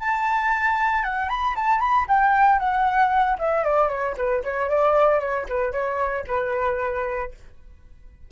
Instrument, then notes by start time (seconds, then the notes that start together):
flute
0.00 A5
1.04 F#5
1.29 B5
1.56 A5
1.80 B5
2.08 G5
2.59 F#5
3.39 E5
3.65 D5
3.89 C#5
4.17 B4
4.44 C#5
4.70 D5
5.20 C#5
5.49 B4
5.73 C#5
6.27 B4